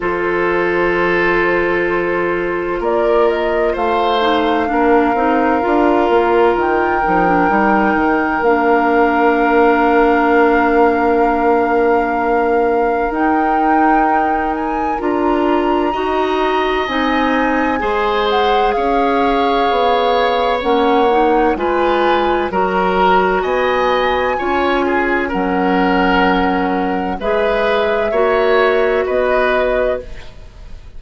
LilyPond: <<
  \new Staff \with { instrumentName = "flute" } { \time 4/4 \tempo 4 = 64 c''2. d''8 dis''8 | f''2. g''4~ | g''4 f''2.~ | f''2 g''4. gis''8 |
ais''2 gis''4. fis''8 | f''2 fis''4 gis''4 | ais''4 gis''2 fis''4~ | fis''4 e''2 dis''4 | }
  \new Staff \with { instrumentName = "oboe" } { \time 4/4 a'2. ais'4 | c''4 ais'2.~ | ais'1~ | ais'1~ |
ais'4 dis''2 c''4 | cis''2. b'4 | ais'4 dis''4 cis''8 gis'8 ais'4~ | ais'4 b'4 cis''4 b'4 | }
  \new Staff \with { instrumentName = "clarinet" } { \time 4/4 f'1~ | f'8 dis'8 d'8 dis'8 f'4. dis'16 d'16 | dis'4 d'2.~ | d'2 dis'2 |
f'4 fis'4 dis'4 gis'4~ | gis'2 cis'8 dis'8 f'4 | fis'2 f'4 cis'4~ | cis'4 gis'4 fis'2 | }
  \new Staff \with { instrumentName = "bassoon" } { \time 4/4 f2. ais4 | a4 ais8 c'8 d'8 ais8 dis8 f8 | g8 dis8 ais2.~ | ais2 dis'2 |
d'4 dis'4 c'4 gis4 | cis'4 b4 ais4 gis4 | fis4 b4 cis'4 fis4~ | fis4 gis4 ais4 b4 | }
>>